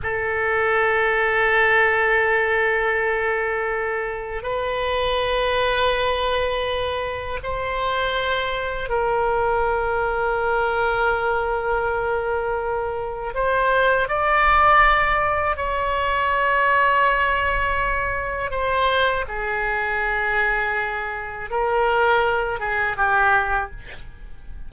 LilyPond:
\new Staff \with { instrumentName = "oboe" } { \time 4/4 \tempo 4 = 81 a'1~ | a'2 b'2~ | b'2 c''2 | ais'1~ |
ais'2 c''4 d''4~ | d''4 cis''2.~ | cis''4 c''4 gis'2~ | gis'4 ais'4. gis'8 g'4 | }